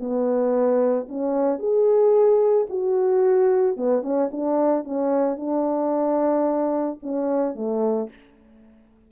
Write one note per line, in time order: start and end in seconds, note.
0.00 1.08 B3
1.09 1.59 C#4
1.59 2.67 G#4
2.70 3.77 F#4
3.77 4.02 B3
4.02 4.29 C#4
4.32 4.84 D4
4.84 5.37 C#4
5.37 6.99 D4
7.03 7.55 C#4
7.55 8.09 A3